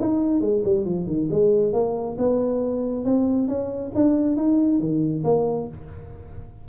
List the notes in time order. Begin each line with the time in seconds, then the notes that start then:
0.00 D#4
0.41 G#3
0.64 G3
0.85 F3
1.07 D#3
1.31 G#3
1.73 A#3
2.18 B3
3.05 C4
3.48 C#4
3.95 D4
4.36 D#4
4.79 D#3
5.24 A#3